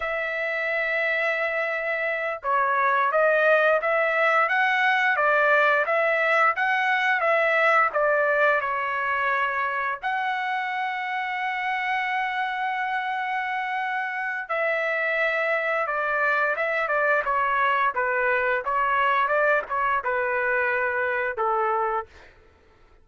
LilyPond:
\new Staff \with { instrumentName = "trumpet" } { \time 4/4 \tempo 4 = 87 e''2.~ e''8 cis''8~ | cis''8 dis''4 e''4 fis''4 d''8~ | d''8 e''4 fis''4 e''4 d''8~ | d''8 cis''2 fis''4.~ |
fis''1~ | fis''4 e''2 d''4 | e''8 d''8 cis''4 b'4 cis''4 | d''8 cis''8 b'2 a'4 | }